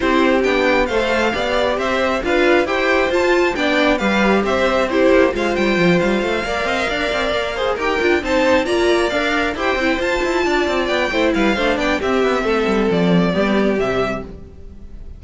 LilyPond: <<
  \new Staff \with { instrumentName = "violin" } { \time 4/4 \tempo 4 = 135 c''4 g''4 f''2 | e''4 f''4 g''4 a''4 | g''4 f''4 e''4 c''4 | f''8 g''4 f''2~ f''8~ |
f''4. g''4 a''4 ais''8~ | ais''8 f''4 g''4 a''4.~ | a''8 g''4 f''4 g''8 e''4~ | e''4 d''2 e''4 | }
  \new Staff \with { instrumentName = "violin" } { \time 4/4 g'2 c''4 d''4 | c''4 b'4 c''2 | d''4 b'4 c''4 g'4 | c''2~ c''8 d''8 dis''8 d''8~ |
d''4 c''8 ais'4 c''4 d''8~ | d''4. c''2 d''8~ | d''4 c''8 b'8 c''8 d''8 g'4 | a'2 g'2 | }
  \new Staff \with { instrumentName = "viola" } { \time 4/4 e'4 d'4 a'4 g'4~ | g'4 f'4 g'4 f'4 | d'4 g'2 e'4 | f'2~ f'8 ais'4.~ |
ais'4 gis'8 g'8 f'8 dis'4 f'8~ | f'8 ais'4 g'8 e'8 f'4.~ | f'4 e'4 d'4 c'4~ | c'2 b4 g4 | }
  \new Staff \with { instrumentName = "cello" } { \time 4/4 c'4 b4 a4 b4 | c'4 d'4 e'4 f'4 | b4 g4 c'4. ais8 | gis8 g8 f8 g8 a8 ais8 c'8 d'8 |
c'8 ais4 dis'8 d'8 c'4 ais8~ | ais8 d'4 e'8 c'8 f'8 e'8 d'8 | c'8 b8 a8 g8 a8 b8 c'8 b8 | a8 g8 f4 g4 c4 | }
>>